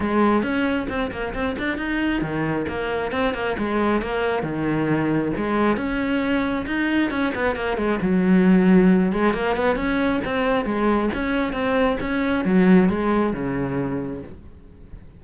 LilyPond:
\new Staff \with { instrumentName = "cello" } { \time 4/4 \tempo 4 = 135 gis4 cis'4 c'8 ais8 c'8 d'8 | dis'4 dis4 ais4 c'8 ais8 | gis4 ais4 dis2 | gis4 cis'2 dis'4 |
cis'8 b8 ais8 gis8 fis2~ | fis8 gis8 ais8 b8 cis'4 c'4 | gis4 cis'4 c'4 cis'4 | fis4 gis4 cis2 | }